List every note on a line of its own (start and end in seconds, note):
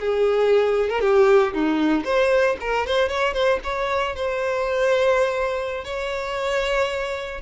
0.00 0.90 G#4
0.90 1.01 A#4
1.01 1.53 G4
1.54 2.04 D#4
2.04 2.57 C5
2.61 2.87 A#4
2.87 3.09 C5
3.09 3.34 C#5
3.34 3.60 C5
3.64 4.16 C#5
4.16 5.85 C5
5.85 7.41 C#5